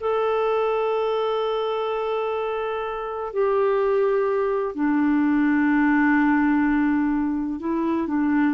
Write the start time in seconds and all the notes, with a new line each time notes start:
0.00 A4
3.33 G4
4.75 D4
7.60 E4
8.07 D4